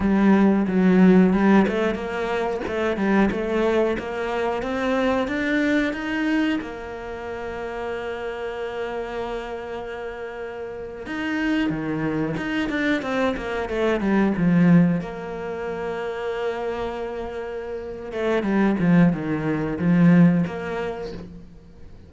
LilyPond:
\new Staff \with { instrumentName = "cello" } { \time 4/4 \tempo 4 = 91 g4 fis4 g8 a8 ais4 | a8 g8 a4 ais4 c'4 | d'4 dis'4 ais2~ | ais1~ |
ais8. dis'4 dis4 dis'8 d'8 c'16~ | c'16 ais8 a8 g8 f4 ais4~ ais16~ | ais2.~ ais8 a8 | g8 f8 dis4 f4 ais4 | }